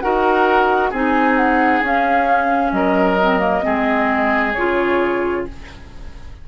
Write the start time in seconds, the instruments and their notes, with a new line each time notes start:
0.00 bassoon D#4, clarinet F#4, oboe A#4, flute F#5
0.90 bassoon C4, clarinet D#4, oboe G#4, flute G#5
1.37 flute F#5
1.81 bassoon C#4, clarinet C#4, flute F5
2.72 bassoon F#3, oboe A#4, flute D#5
3.20 clarinet C4
3.39 clarinet A#3
3.62 bassoon G#3, clarinet C4, oboe G#4
4.53 bassoon C#3, clarinet F4, flute C#5